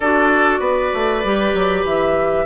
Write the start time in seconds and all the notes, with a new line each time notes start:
0.00 D4 F#4 A4 D5
0.59 B3 B4
0.93 A3
1.23 G3 G4
1.54 F#3
1.84 E3 E5